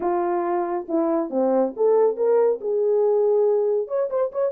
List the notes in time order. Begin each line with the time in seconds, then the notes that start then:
0.00 F4
0.88 E4
1.30 C4
1.76 A4
2.16 A#4
2.60 G#4
3.87 C#5
4.10 C5
4.32 C#5